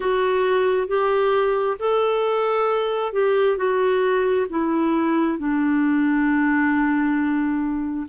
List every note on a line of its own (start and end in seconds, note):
0.00 0.87 F#4
0.87 1.77 G4
1.79 3.13 A4
3.13 3.57 G4
3.57 4.46 F#4
4.49 5.38 E4
5.38 8.06 D4